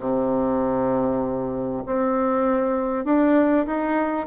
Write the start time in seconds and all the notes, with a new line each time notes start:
0.00 C3
1.86 C4
3.05 D4
3.67 D#4